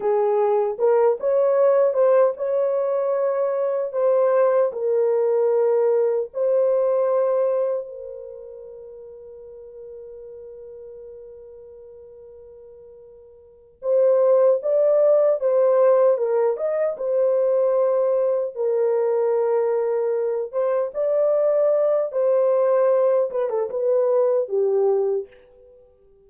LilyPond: \new Staff \with { instrumentName = "horn" } { \time 4/4 \tempo 4 = 76 gis'4 ais'8 cis''4 c''8 cis''4~ | cis''4 c''4 ais'2 | c''2 ais'2~ | ais'1~ |
ais'4. c''4 d''4 c''8~ | c''8 ais'8 dis''8 c''2 ais'8~ | ais'2 c''8 d''4. | c''4. b'16 a'16 b'4 g'4 | }